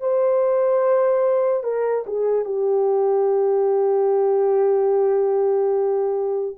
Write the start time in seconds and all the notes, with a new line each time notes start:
0.00 C5
1.63 A#4
2.06 G#4
2.45 G4